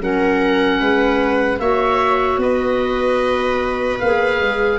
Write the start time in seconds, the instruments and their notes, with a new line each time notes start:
0.00 tuba F#3, clarinet C#4, viola A#4, oboe F#5
0.79 tuba G#3, viola B4
1.59 tuba A#3, clarinet F#4, viola C#5, oboe E5
2.37 tuba B3, viola B4, oboe D#5
3.99 tuba A#3, clarinet G#4, oboe F5
4.40 tuba G#3